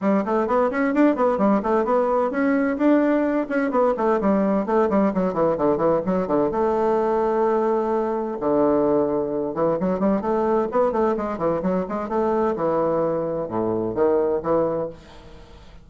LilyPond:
\new Staff \with { instrumentName = "bassoon" } { \time 4/4 \tempo 4 = 129 g8 a8 b8 cis'8 d'8 b8 g8 a8 | b4 cis'4 d'4. cis'8 | b8 a8 g4 a8 g8 fis8 e8 | d8 e8 fis8 d8 a2~ |
a2 d2~ | d8 e8 fis8 g8 a4 b8 a8 | gis8 e8 fis8 gis8 a4 e4~ | e4 a,4 dis4 e4 | }